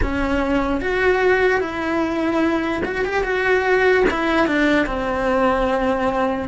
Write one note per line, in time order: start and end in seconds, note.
0.01 0.80 C#4
0.80 1.60 F#4
1.60 2.82 E4
2.85 3.04 F#4
3.04 3.23 G4
3.23 4.04 F#4
4.10 4.46 E4
4.46 4.86 D4
4.86 6.48 C4